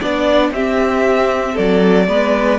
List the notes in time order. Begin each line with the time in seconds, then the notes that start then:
0.00 B3 D4 D5
0.51 C4 G4 E5
1.53 F#3 A4 D5
2.07 G#3 B3 B4